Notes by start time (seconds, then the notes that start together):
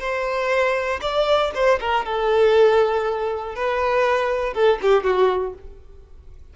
0.00 C5
1.02 D5
1.55 C5
1.80 A#4
2.05 A4
3.55 B4
4.54 A4
4.82 G4
5.04 F#4